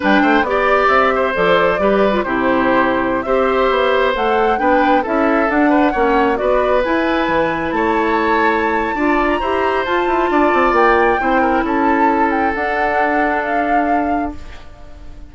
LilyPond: <<
  \new Staff \with { instrumentName = "flute" } { \time 4/4 \tempo 4 = 134 g''4 d''4 e''4 d''4~ | d''4 c''2~ c''16 e''8.~ | e''4~ e''16 fis''4 g''4 e''8.~ | e''16 fis''2 d''4 gis''8.~ |
gis''4~ gis''16 a''2~ a''8.~ | a''8. ais''4~ ais''16 a''2 | g''2 a''4. g''8 | fis''2 f''2 | }
  \new Staff \with { instrumentName = "oboe" } { \time 4/4 b'8 c''8 d''4. c''4. | b'4 g'2~ g'16 c''8.~ | c''2~ c''16 b'4 a'8.~ | a'8. b'8 cis''4 b'4.~ b'16~ |
b'4~ b'16 cis''2~ cis''8. | d''4 c''2 d''4~ | d''4 c''8 ais'8 a'2~ | a'1 | }
  \new Staff \with { instrumentName = "clarinet" } { \time 4/4 d'4 g'2 a'4 | g'8. f'16 e'2~ e'16 g'8.~ | g'4~ g'16 a'4 d'4 e'8.~ | e'16 d'4 cis'4 fis'4 e'8.~ |
e'1 | f'4 g'4 f'2~ | f'4 e'2. | d'1 | }
  \new Staff \with { instrumentName = "bassoon" } { \time 4/4 g8 a8 b4 c'4 f4 | g4 c2~ c16 c'8.~ | c'16 b4 a4 b4 cis'8.~ | cis'16 d'4 ais4 b4 e'8.~ |
e'16 e4 a2~ a8. | d'4 e'4 f'8 e'8 d'8 c'8 | ais4 c'4 cis'2 | d'1 | }
>>